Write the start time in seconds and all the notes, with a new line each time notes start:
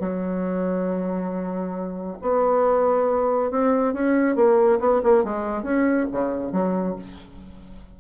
0.00 F#3
2.22 B3
3.51 C4
3.94 C#4
4.36 A#3
4.80 B3
5.03 A#3
5.24 G#3
5.63 C#4
6.12 C#3
6.52 F#3